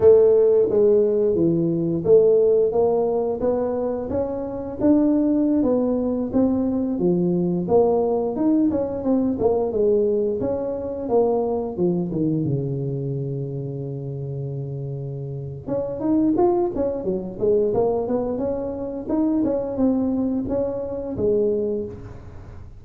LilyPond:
\new Staff \with { instrumentName = "tuba" } { \time 4/4 \tempo 4 = 88 a4 gis4 e4 a4 | ais4 b4 cis'4 d'4~ | d'16 b4 c'4 f4 ais8.~ | ais16 dis'8 cis'8 c'8 ais8 gis4 cis'8.~ |
cis'16 ais4 f8 dis8 cis4.~ cis16~ | cis2. cis'8 dis'8 | f'8 cis'8 fis8 gis8 ais8 b8 cis'4 | dis'8 cis'8 c'4 cis'4 gis4 | }